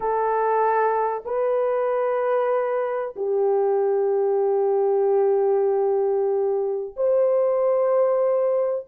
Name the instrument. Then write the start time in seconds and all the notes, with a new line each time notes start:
horn
0.00 A4
1.25 B4
3.16 G4
6.96 C5